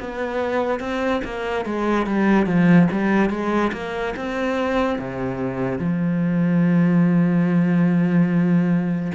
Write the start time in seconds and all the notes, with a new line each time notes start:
0.00 B3
0.80 C4
1.25 A#3
1.66 G#3
2.06 G3
2.47 F3
2.92 G3
3.30 G#3
3.73 A#3
4.17 C4
4.99 C3
5.79 F3